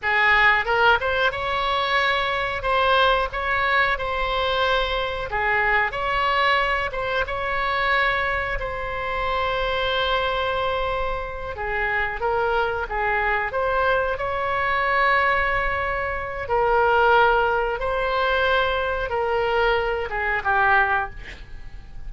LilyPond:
\new Staff \with { instrumentName = "oboe" } { \time 4/4 \tempo 4 = 91 gis'4 ais'8 c''8 cis''2 | c''4 cis''4 c''2 | gis'4 cis''4. c''8 cis''4~ | cis''4 c''2.~ |
c''4. gis'4 ais'4 gis'8~ | gis'8 c''4 cis''2~ cis''8~ | cis''4 ais'2 c''4~ | c''4 ais'4. gis'8 g'4 | }